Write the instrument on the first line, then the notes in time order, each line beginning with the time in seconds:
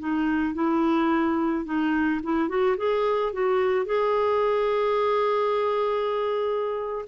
clarinet
0.00 D#4
0.55 E4
1.65 D#4
2.24 E4
2.49 F#4
2.78 G#4
3.33 F#4
3.86 G#4